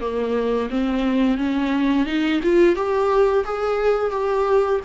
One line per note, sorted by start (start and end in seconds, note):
0.00 0.69 A#3
0.70 1.38 C4
1.38 2.06 C#4
2.06 2.40 D#4
2.43 2.75 F4
2.75 3.44 G4
3.45 4.11 G#4
4.11 4.80 G4